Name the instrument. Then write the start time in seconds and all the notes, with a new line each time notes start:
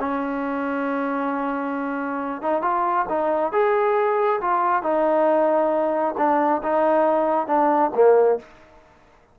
trombone
0.00 C#4
2.42 D#4
2.62 F4
3.09 D#4
3.53 G#4
4.41 F4
4.83 D#4
6.18 D4
6.63 D#4
7.47 D4
7.95 A#3